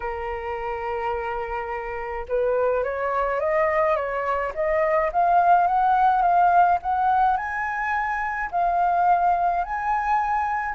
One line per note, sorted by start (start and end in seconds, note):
0.00 2.26 A#4
2.28 2.83 B4
2.83 3.40 C#5
3.40 3.95 D#5
3.95 4.52 C#5
4.54 5.11 D#5
5.12 5.67 F5
5.67 6.21 F#5
6.21 6.78 F5
6.82 7.36 F#5
7.36 8.50 G#5
8.51 9.64 F5
9.64 10.74 G#5